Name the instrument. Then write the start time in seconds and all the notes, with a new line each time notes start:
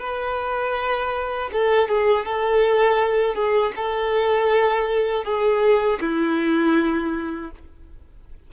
violin
0.00 B4
1.53 A4
1.89 G#4
2.26 A4
3.35 G#4
3.76 A4
5.25 G#4
6.01 E4